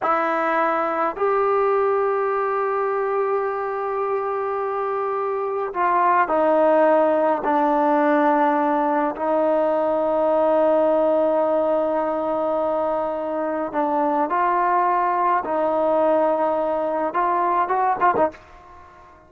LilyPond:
\new Staff \with { instrumentName = "trombone" } { \time 4/4 \tempo 4 = 105 e'2 g'2~ | g'1~ | g'2 f'4 dis'4~ | dis'4 d'2. |
dis'1~ | dis'1 | d'4 f'2 dis'4~ | dis'2 f'4 fis'8 f'16 dis'16 | }